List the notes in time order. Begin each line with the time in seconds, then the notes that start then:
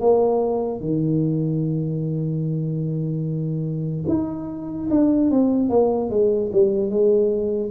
0.00 A#3
0.81 D#3
4.08 D#4
4.90 D4
5.31 C4
5.69 A#3
6.10 G#3
6.52 G3
6.90 G#3